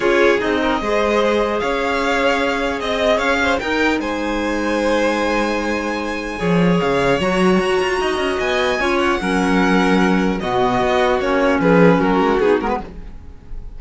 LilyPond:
<<
  \new Staff \with { instrumentName = "violin" } { \time 4/4 \tempo 4 = 150 cis''4 dis''2. | f''2. dis''4 | f''4 g''4 gis''2~ | gis''1~ |
gis''4 f''4 ais''2~ | ais''4 gis''4. fis''4.~ | fis''2 dis''2 | cis''4 b'4 ais'4 gis'8 ais'16 b'16 | }
  \new Staff \with { instrumentName = "violin" } { \time 4/4 gis'4. ais'8 c''2 | cis''2. dis''4 | cis''8 c''8 ais'4 c''2~ | c''1 |
cis''1 | dis''2 cis''4 ais'4~ | ais'2 fis'2~ | fis'4 gis'4 fis'2 | }
  \new Staff \with { instrumentName = "clarinet" } { \time 4/4 f'4 dis'4 gis'2~ | gis'1~ | gis'4 dis'2.~ | dis'1 |
gis'2 fis'2~ | fis'2 f'4 cis'4~ | cis'2 b2 | cis'2. dis'8 b8 | }
  \new Staff \with { instrumentName = "cello" } { \time 4/4 cis'4 c'4 gis2 | cis'2. c'4 | cis'4 dis'4 gis2~ | gis1 |
f4 cis4 fis4 fis'8 f'8 | dis'8 cis'8 b4 cis'4 fis4~ | fis2 b,4 b4 | ais4 f4 fis8 gis8 b8 gis8 | }
>>